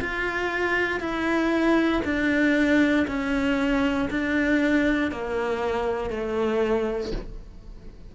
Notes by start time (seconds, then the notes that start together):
0.00 F4
1.00 E4
2.05 D4
3.07 C#4
4.10 D4
5.11 A#3
6.10 A3